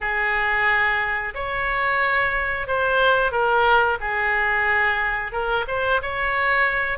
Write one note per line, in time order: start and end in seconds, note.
0.00 1.34 G#4
1.34 2.67 C#5
2.67 3.31 C5
3.31 3.98 A#4
4.00 5.32 G#4
5.32 5.65 A#4
5.67 6.01 C5
6.02 6.98 C#5